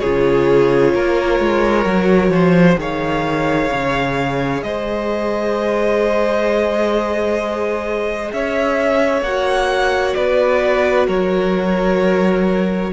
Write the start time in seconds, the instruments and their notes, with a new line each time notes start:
0.00 cello C#3, viola F4, violin G#4 C#5
0.94 cello A#3, violin A#4
1.40 cello G#3
1.86 cello F#3, viola F#4
2.30 cello F3, violin C5
2.77 cello D#3, viola G#4, violin C#5 F5
3.72 cello C#3
4.63 cello G#3, violin C5 D#5
8.33 cello C#4, violin C#5 E5
9.22 cello A#3, viola F#4, violin F#5
10.15 cello B3, violin B4 D5
11.07 cello F#3, violin A#4 C#5